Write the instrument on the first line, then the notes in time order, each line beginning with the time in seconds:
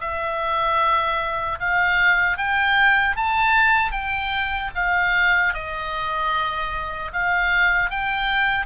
oboe
0.00 E5
1.59 F5
2.37 G5
3.16 A5
3.92 G5
4.75 F5
5.53 D#5
7.12 F5
7.89 G5